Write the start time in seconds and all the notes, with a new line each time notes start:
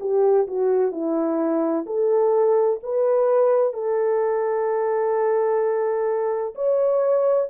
0.00 G4
0.47 F#4
0.92 E4
1.86 A4
2.83 B4
3.73 A4
6.55 C#5